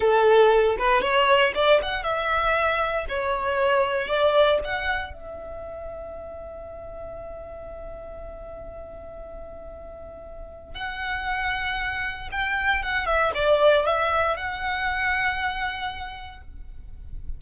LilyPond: \new Staff \with { instrumentName = "violin" } { \time 4/4 \tempo 4 = 117 a'4. b'8 cis''4 d''8 fis''8 | e''2 cis''2 | d''4 fis''4 e''2~ | e''1~ |
e''1~ | e''4 fis''2. | g''4 fis''8 e''8 d''4 e''4 | fis''1 | }